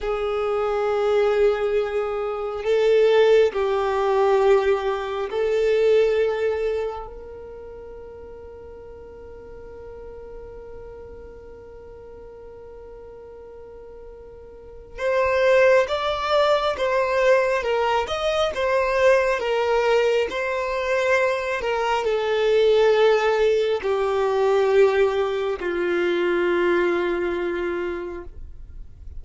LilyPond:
\new Staff \with { instrumentName = "violin" } { \time 4/4 \tempo 4 = 68 gis'2. a'4 | g'2 a'2 | ais'1~ | ais'1~ |
ais'4 c''4 d''4 c''4 | ais'8 dis''8 c''4 ais'4 c''4~ | c''8 ais'8 a'2 g'4~ | g'4 f'2. | }